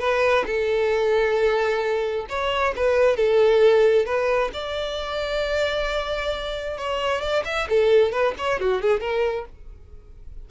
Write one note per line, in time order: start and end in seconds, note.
0.00 0.45 B4
0.46 2.27 A4
2.29 2.75 C#5
2.76 3.17 B4
3.17 4.06 A4
4.06 4.51 B4
4.53 6.78 D5
6.78 7.22 C#5
7.22 7.44 D5
7.45 7.68 E5
7.70 8.12 A4
8.12 8.35 B4
8.38 8.60 C#5
8.60 8.82 F#4
8.82 9.01 G#4
9.01 9.46 A#4